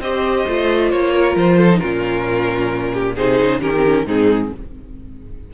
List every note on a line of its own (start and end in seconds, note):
0.00 0.45 C4
0.00 0.48 G4
0.00 1.14 C5
0.00 0.91 D#5
0.47 0.92 A3
0.47 1.71 F4
0.91 1.36 A#3
0.91 1.36 C#5
1.14 1.58 A#4
1.36 1.81 F3
1.36 1.78 C5
1.58 1.80 A4
1.71 1.81 D#4
1.78 3.18 A#2
1.78 3.16 C#4
1.78 2.92 F4
1.78 3.14 A#4
2.93 3.16 G4
3.16 3.40 C3
3.16 3.61 D#4
3.16 3.61 G#4
3.16 3.61 C5
3.41 3.62 C#3
3.61 4.06 D#3
3.61 3.73 C#4
3.61 4.06 G4
3.61 4.07 A#4
3.77 3.86 C4
3.86 4.08 C#4
4.06 4.51 G#2
4.06 4.53 C4
4.06 4.52 D#4
4.06 4.54 G#4